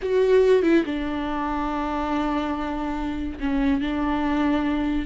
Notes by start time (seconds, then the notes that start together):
0.02 F#4
0.62 E4
0.85 D4
3.40 C#4
3.80 D4